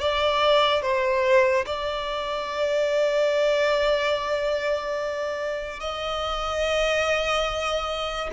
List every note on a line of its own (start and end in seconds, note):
0.00 0.82 D5
0.82 1.65 C5
1.66 5.80 D5
5.80 8.30 D#5